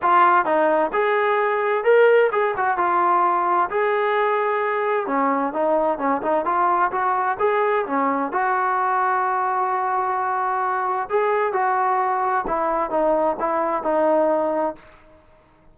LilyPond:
\new Staff \with { instrumentName = "trombone" } { \time 4/4 \tempo 4 = 130 f'4 dis'4 gis'2 | ais'4 gis'8 fis'8 f'2 | gis'2. cis'4 | dis'4 cis'8 dis'8 f'4 fis'4 |
gis'4 cis'4 fis'2~ | fis'1 | gis'4 fis'2 e'4 | dis'4 e'4 dis'2 | }